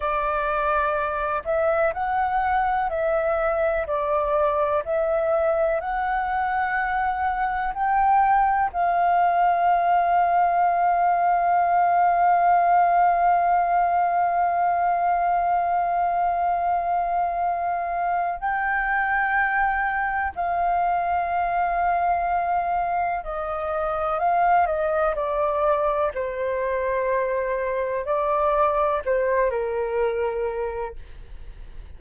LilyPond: \new Staff \with { instrumentName = "flute" } { \time 4/4 \tempo 4 = 62 d''4. e''8 fis''4 e''4 | d''4 e''4 fis''2 | g''4 f''2.~ | f''1~ |
f''2. g''4~ | g''4 f''2. | dis''4 f''8 dis''8 d''4 c''4~ | c''4 d''4 c''8 ais'4. | }